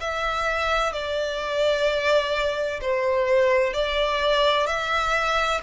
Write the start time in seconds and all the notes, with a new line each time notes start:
0.00 E5
0.92 D5
2.81 C5
3.73 D5
4.66 E5